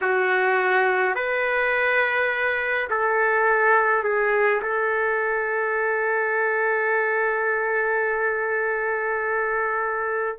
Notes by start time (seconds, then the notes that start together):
0.01 F#4
1.15 B4
2.90 A4
4.03 G#4
4.62 A4